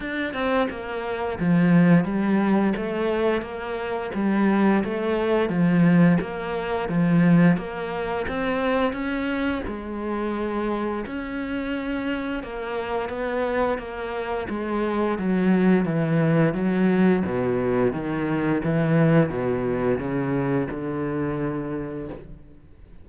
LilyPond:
\new Staff \with { instrumentName = "cello" } { \time 4/4 \tempo 4 = 87 d'8 c'8 ais4 f4 g4 | a4 ais4 g4 a4 | f4 ais4 f4 ais4 | c'4 cis'4 gis2 |
cis'2 ais4 b4 | ais4 gis4 fis4 e4 | fis4 b,4 dis4 e4 | b,4 cis4 d2 | }